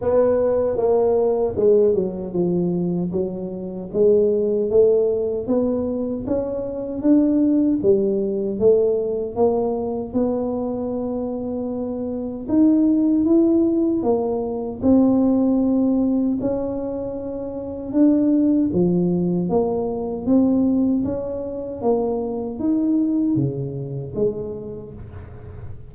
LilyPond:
\new Staff \with { instrumentName = "tuba" } { \time 4/4 \tempo 4 = 77 b4 ais4 gis8 fis8 f4 | fis4 gis4 a4 b4 | cis'4 d'4 g4 a4 | ais4 b2. |
dis'4 e'4 ais4 c'4~ | c'4 cis'2 d'4 | f4 ais4 c'4 cis'4 | ais4 dis'4 cis4 gis4 | }